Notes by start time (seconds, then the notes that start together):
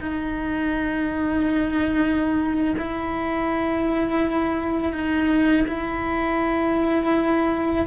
0.00 D#4
2.78 E4
4.93 D#4
5.67 E4